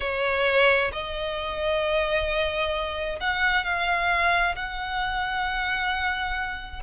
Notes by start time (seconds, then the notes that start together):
0.00 C#5
0.92 D#5
3.20 F#5
3.64 F5
4.55 F#5